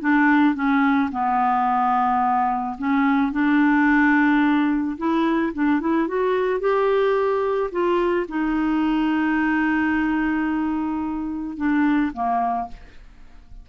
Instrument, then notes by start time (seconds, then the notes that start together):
clarinet
0.00 D4
0.55 C#4
1.11 B3
2.78 C#4
3.32 D4
4.97 E4
5.53 D4
5.80 E4
6.07 F#4
6.60 G4
7.71 F4
8.28 D#4
11.56 D4
12.13 A#3